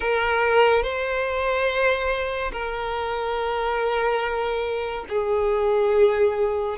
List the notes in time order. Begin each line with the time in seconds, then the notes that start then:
0.00 A#4
0.82 C5
2.51 A#4
5.09 G#4